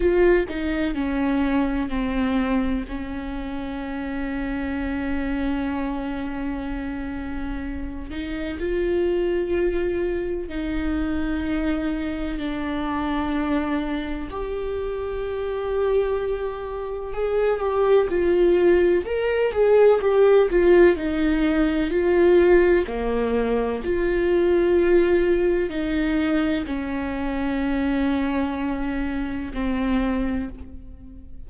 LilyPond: \new Staff \with { instrumentName = "viola" } { \time 4/4 \tempo 4 = 63 f'8 dis'8 cis'4 c'4 cis'4~ | cis'1~ | cis'8 dis'8 f'2 dis'4~ | dis'4 d'2 g'4~ |
g'2 gis'8 g'8 f'4 | ais'8 gis'8 g'8 f'8 dis'4 f'4 | ais4 f'2 dis'4 | cis'2. c'4 | }